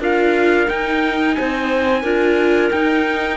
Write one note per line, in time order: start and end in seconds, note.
0.00 0.67 D4
0.00 0.67 F4
0.00 1.36 A#4
0.00 0.69 F5
0.67 2.02 D#4
0.67 1.37 D#4
0.67 1.35 G5
1.35 2.03 C4
1.35 2.03 C5
1.35 2.70 G#5
2.03 2.71 D4
2.03 2.72 F4
2.03 3.37 A#4
2.71 3.37 D#4
2.71 3.37 G5